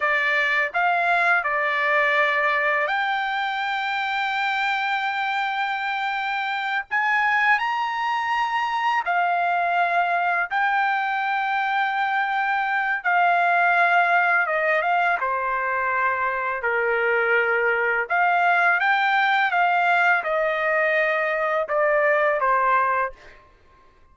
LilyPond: \new Staff \with { instrumentName = "trumpet" } { \time 4/4 \tempo 4 = 83 d''4 f''4 d''2 | g''1~ | g''4. gis''4 ais''4.~ | ais''8 f''2 g''4.~ |
g''2 f''2 | dis''8 f''8 c''2 ais'4~ | ais'4 f''4 g''4 f''4 | dis''2 d''4 c''4 | }